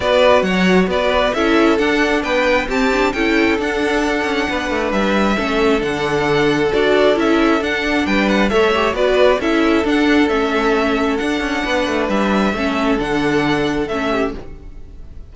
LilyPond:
<<
  \new Staff \with { instrumentName = "violin" } { \time 4/4 \tempo 4 = 134 d''4 fis''4 d''4 e''4 | fis''4 g''4 a''4 g''4 | fis''2. e''4~ | e''4 fis''2 d''4 |
e''4 fis''4 g''8 fis''8 e''4 | d''4 e''4 fis''4 e''4~ | e''4 fis''2 e''4~ | e''4 fis''2 e''4 | }
  \new Staff \with { instrumentName = "violin" } { \time 4/4 b'4 cis''4 b'4 a'4~ | a'4 b'4 g'4 a'4~ | a'2 b'2 | a'1~ |
a'2 b'4 cis''4 | b'4 a'2.~ | a'2 b'2 | a'2.~ a'8 g'8 | }
  \new Staff \with { instrumentName = "viola" } { \time 4/4 fis'2. e'4 | d'2 c'8 d'8 e'4 | d'1 | cis'4 d'2 fis'4 |
e'4 d'2 a'8 g'8 | fis'4 e'4 d'4 cis'4~ | cis'4 d'2. | cis'4 d'2 cis'4 | }
  \new Staff \with { instrumentName = "cello" } { \time 4/4 b4 fis4 b4 cis'4 | d'4 b4 c'4 cis'4 | d'4. cis'8 b8 a8 g4 | a4 d2 d'4 |
cis'4 d'4 g4 a4 | b4 cis'4 d'4 a4~ | a4 d'8 cis'8 b8 a8 g4 | a4 d2 a4 | }
>>